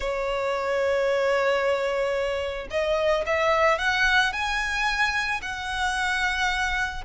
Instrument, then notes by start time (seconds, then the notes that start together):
violin
0.00 C#5
2.70 D#5
3.26 E5
3.78 F#5
4.32 G#5
5.42 F#5